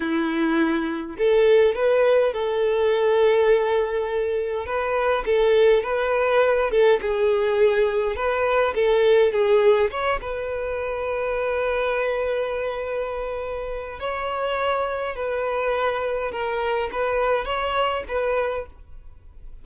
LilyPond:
\new Staff \with { instrumentName = "violin" } { \time 4/4 \tempo 4 = 103 e'2 a'4 b'4 | a'1 | b'4 a'4 b'4. a'8 | gis'2 b'4 a'4 |
gis'4 cis''8 b'2~ b'8~ | b'1 | cis''2 b'2 | ais'4 b'4 cis''4 b'4 | }